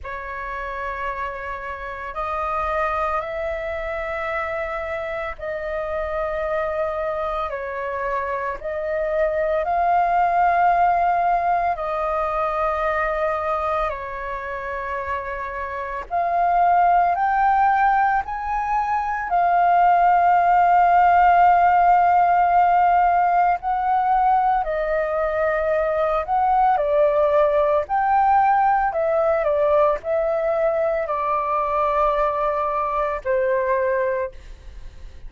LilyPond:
\new Staff \with { instrumentName = "flute" } { \time 4/4 \tempo 4 = 56 cis''2 dis''4 e''4~ | e''4 dis''2 cis''4 | dis''4 f''2 dis''4~ | dis''4 cis''2 f''4 |
g''4 gis''4 f''2~ | f''2 fis''4 dis''4~ | dis''8 fis''8 d''4 g''4 e''8 d''8 | e''4 d''2 c''4 | }